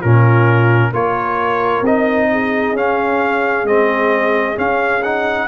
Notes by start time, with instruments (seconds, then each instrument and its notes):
0.00 tuba A#2, trombone C#4, horn F4, trumpet A#4
0.93 tuba A#3, trombone F4, horn A#4, trumpet C#5
1.82 tuba C4, trombone D#4, trumpet D#5
2.32 horn G#4
2.73 tuba C#4, trombone C#4, trumpet F5
3.64 tuba G#3, trombone C4, trumpet D#5
4.55 trombone C#4, tuba C#4, trumpet F5
5.03 trombone D#4, trumpet F#5